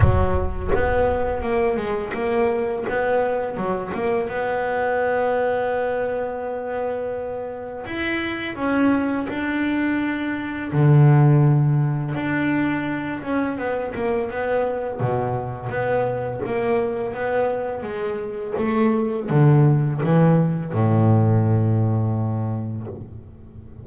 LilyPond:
\new Staff \with { instrumentName = "double bass" } { \time 4/4 \tempo 4 = 84 fis4 b4 ais8 gis8 ais4 | b4 fis8 ais8 b2~ | b2. e'4 | cis'4 d'2 d4~ |
d4 d'4. cis'8 b8 ais8 | b4 b,4 b4 ais4 | b4 gis4 a4 d4 | e4 a,2. | }